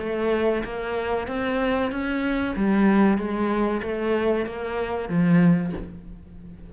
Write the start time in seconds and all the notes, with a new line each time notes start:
0.00 A3
0.65 A#3
1.28 C4
1.92 C#4
2.57 G3
3.18 G#3
3.83 A3
4.46 A#3
5.10 F3